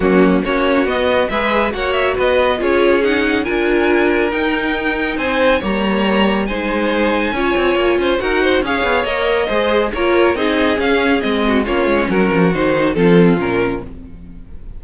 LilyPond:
<<
  \new Staff \with { instrumentName = "violin" } { \time 4/4 \tempo 4 = 139 fis'4 cis''4 dis''4 e''4 | fis''8 e''8 dis''4 cis''4 fis''4 | gis''2 g''2 | gis''4 ais''2 gis''4~ |
gis''2. fis''4 | f''4 dis''2 cis''4 | dis''4 f''4 dis''4 cis''4 | ais'4 c''4 a'4 ais'4 | }
  \new Staff \with { instrumentName = "violin" } { \time 4/4 cis'4 fis'2 b'4 | cis''4 b'4 gis'2 | ais'1 | c''4 cis''2 c''4~ |
c''4 cis''4. c''8 ais'8 c''8 | cis''2 c''4 ais'4 | gis'2~ gis'8 fis'8 f'4 | fis'2 f'2 | }
  \new Staff \with { instrumentName = "viola" } { \time 4/4 ais4 cis'4 b4 gis'4 | fis'2 f'4 dis'4 | f'2 dis'2~ | dis'4 ais2 dis'4~ |
dis'4 f'2 fis'4 | gis'4 ais'4 gis'4 f'4 | dis'4 cis'4 c'4 cis'4~ | cis'4 dis'4 c'4 cis'4 | }
  \new Staff \with { instrumentName = "cello" } { \time 4/4 fis4 ais4 b4 gis4 | ais4 b4 cis'2 | d'2 dis'2 | c'4 g2 gis4~ |
gis4 cis'8 c'8 ais8 cis'8 dis'4 | cis'8 b8 ais4 gis4 ais4 | c'4 cis'4 gis4 ais8 gis8 | fis8 f8 dis4 f4 ais,4 | }
>>